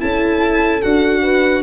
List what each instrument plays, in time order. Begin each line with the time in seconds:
0.00 tuba C#4, viola E4, horn A4, violin A5
0.82 tuba D4, viola F#4, violin F#5
1.22 horn B4